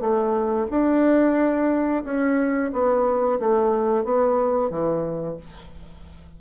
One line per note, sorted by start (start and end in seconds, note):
0.00 0.67 A3
0.70 2.04 D4
2.04 2.71 C#4
2.73 3.39 B3
3.39 4.04 A3
4.04 4.70 B3
4.70 5.36 E3